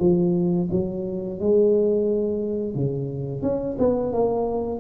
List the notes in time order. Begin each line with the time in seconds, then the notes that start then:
0.00 F3
0.71 F#3
1.40 G#3
2.75 C#3
3.42 C#4
3.79 B3
4.13 A#3